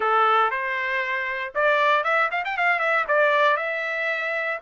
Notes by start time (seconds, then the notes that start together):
0.00 A4
0.50 C5
1.54 D5
2.04 E5
2.31 F5
2.44 G5
2.57 F5
2.79 E5
3.08 D5
3.56 E5